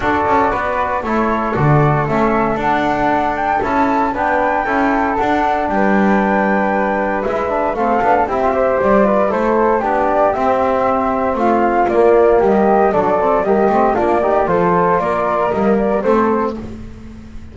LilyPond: <<
  \new Staff \with { instrumentName = "flute" } { \time 4/4 \tempo 4 = 116 d''2 cis''4 d''4 | e''4 fis''4. g''8 a''4 | g''2 fis''4 g''4~ | g''2 e''4 f''4 |
e''4 d''4 c''4 d''4 | e''2 f''4 d''4 | dis''4 d''4 dis''4 d''4 | c''4 d''4 dis''8 d''8 c''4 | }
  \new Staff \with { instrumentName = "flute" } { \time 4/4 a'4 b'4 a'2~ | a'1 | b'4 a'2 b'4~ | b'2. a'4 |
g'8 c''4 b'8 a'4 g'4~ | g'2 f'2 | g'4 a'4 g'4 f'8 g'8 | a'4 ais'2 a'4 | }
  \new Staff \with { instrumentName = "trombone" } { \time 4/4 fis'2 e'4 fis'4 | cis'4 d'2 e'4 | d'4 e'4 d'2~ | d'2 e'8 d'8 c'8 d'8 |
e'16 f'16 g'4 f'8 e'4 d'4 | c'2. ais4~ | ais4 d'8 c'8 ais8 c'8 d'8 dis'8 | f'2 ais4 c'4 | }
  \new Staff \with { instrumentName = "double bass" } { \time 4/4 d'8 cis'8 b4 a4 d4 | a4 d'2 cis'4 | b4 cis'4 d'4 g4~ | g2 gis4 a8 b8 |
c'4 g4 a4 b4 | c'2 a4 ais4 | g4 fis4 g8 a8 ais4 | f4 ais4 g4 a4 | }
>>